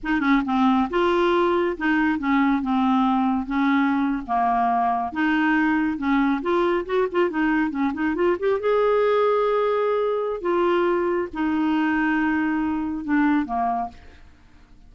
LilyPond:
\new Staff \with { instrumentName = "clarinet" } { \time 4/4 \tempo 4 = 138 dis'8 cis'8 c'4 f'2 | dis'4 cis'4 c'2 | cis'4.~ cis'16 ais2 dis'16~ | dis'4.~ dis'16 cis'4 f'4 fis'16~ |
fis'16 f'8 dis'4 cis'8 dis'8 f'8 g'8 gis'16~ | gis'1 | f'2 dis'2~ | dis'2 d'4 ais4 | }